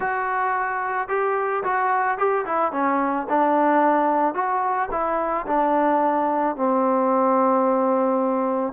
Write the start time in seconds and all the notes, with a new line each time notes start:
0.00 F#4
1.08 G4
1.63 F#4
2.18 G4
2.45 E4
2.72 C#4
3.29 D4
4.34 F#4
4.91 E4
5.47 D4
6.56 C4